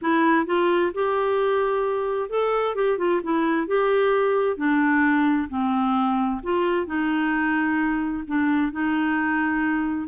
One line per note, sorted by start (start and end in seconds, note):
0.01 0.46 E4
0.46 0.92 F4
0.94 2.29 G4
2.29 2.75 A4
2.75 2.98 G4
2.98 3.21 F4
3.23 3.67 E4
3.67 4.57 G4
4.57 5.48 D4
5.49 6.40 C4
6.43 6.86 F4
6.86 8.23 D#4
8.27 8.72 D4
8.72 10.08 D#4